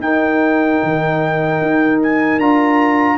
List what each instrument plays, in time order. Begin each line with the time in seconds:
0.00 tuba D#4, trombone D#4, horn A#4, trumpet G5
0.83 tuba D#3
1.62 tuba D#4
2.03 trumpet G#5
2.39 tuba D4, trombone F4, trumpet A#5